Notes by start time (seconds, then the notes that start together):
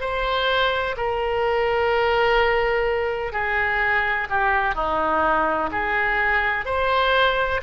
0.00 C5
0.97 A#4
3.32 G#4
4.29 G4
4.74 D#4
5.71 G#4
6.65 C5